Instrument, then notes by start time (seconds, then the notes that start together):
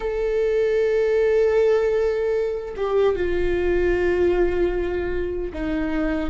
viola
0.00 A4
2.76 G4
3.15 F4
5.53 D#4